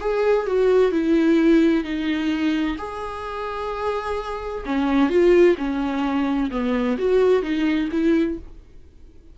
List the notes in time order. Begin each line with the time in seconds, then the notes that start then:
0.00 G#4
0.46 F#4
0.91 E4
1.84 D#4
2.77 G#4
4.65 C#4
5.09 F4
5.57 C#4
6.50 B3
6.98 F#4
7.42 D#4
7.91 E4